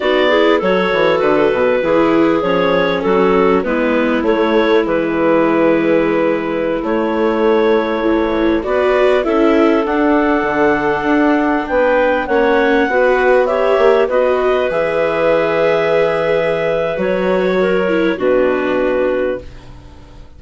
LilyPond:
<<
  \new Staff \with { instrumentName = "clarinet" } { \time 4/4 \tempo 4 = 99 d''4 cis''4 b'2 | cis''4 a'4 b'4 cis''4 | b'2.~ b'16 cis''8.~ | cis''2~ cis''16 d''4 e''8.~ |
e''16 fis''2. g''8.~ | g''16 fis''2 e''4 dis''8.~ | dis''16 e''2.~ e''8. | cis''2 b'2 | }
  \new Staff \with { instrumentName = "clarinet" } { \time 4/4 fis'8 gis'8 a'2 gis'4~ | gis'4 fis'4 e'2~ | e'1~ | e'2~ e'16 b'4 a'8.~ |
a'2.~ a'16 b'8.~ | b'16 cis''4 b'4 cis''4 b'8.~ | b'1~ | b'4 ais'4 fis'2 | }
  \new Staff \with { instrumentName = "viola" } { \time 4/4 dis'8 e'8 fis'2 e'4 | cis'2 b4 a4 | gis2.~ gis16 a8.~ | a4~ a16 e4 fis'4 e'8.~ |
e'16 d'2.~ d'8.~ | d'16 cis'4 fis'4 g'4 fis'8.~ | fis'16 gis'2.~ gis'8. | fis'4. e'8 d'2 | }
  \new Staff \with { instrumentName = "bassoon" } { \time 4/4 b4 fis8 e8 d8 b,8 e4 | f4 fis4 gis4 a4 | e2.~ e16 a8.~ | a2~ a16 b4 cis'8.~ |
cis'16 d'4 d4 d'4 b8.~ | b16 ais4 b4. ais8 b8.~ | b16 e2.~ e8. | fis2 b,2 | }
>>